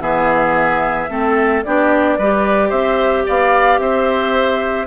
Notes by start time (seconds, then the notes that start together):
0.00 E3 B3 G#4 E5
1.09 A3 C4 A4
1.64 B3 D4 G4 D5
2.18 G3 G4 B4
2.69 C4 C5 E5
3.26 B3 D5 F5
3.78 C4 C5 E5